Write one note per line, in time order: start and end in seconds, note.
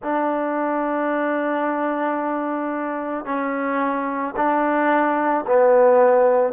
0.02 3.25 D4
3.25 4.34 C#4
4.36 5.45 D4
5.46 6.53 B3